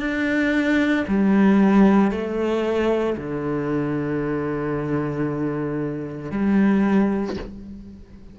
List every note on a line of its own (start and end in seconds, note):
0.00 1.05 D4
1.08 2.11 G3
2.11 3.17 A3
3.18 6.32 D3
6.32 7.37 G3